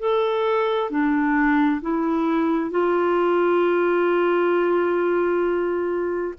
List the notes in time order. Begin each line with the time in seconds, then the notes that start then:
0.00 A4
0.90 D4
1.82 E4
2.71 F4